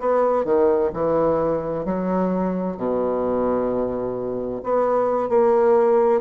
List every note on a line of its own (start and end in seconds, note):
0.00 0.45 B3
0.45 0.91 D#3
0.94 1.85 E3
1.85 2.77 F#3
2.77 4.62 B2
4.64 5.29 B3
5.29 6.21 A#3